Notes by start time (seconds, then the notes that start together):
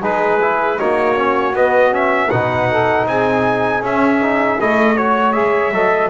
0.00 G#3 D#4 G#4 B4
0.42 E4
0.78 A#3 D#4 F#4 C#5
1.16 C#4
1.53 B3 D#5
1.91 C#4 E5
2.31 B2 D#4 B4 F#5
2.69 A4
3.06 C4 G#4 G#5
3.81 C#4 E5
4.22 D#4
4.59 A3 E4 D#5
4.97 F#4 C#5
5.33 G#3 G#4 E5
5.71 F#3 A4 D#5